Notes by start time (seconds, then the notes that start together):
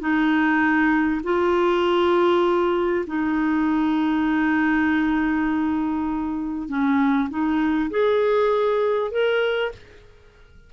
0.00 D#4
1.23 F4
3.07 D#4
6.68 C#4
7.29 D#4
7.90 G#4
9.11 A#4